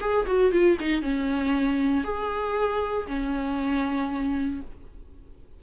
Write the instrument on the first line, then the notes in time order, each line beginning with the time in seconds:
viola
0.00 G#4
0.26 F#4
0.52 F4
0.80 D#4
1.02 C#4
2.04 G#4
3.07 C#4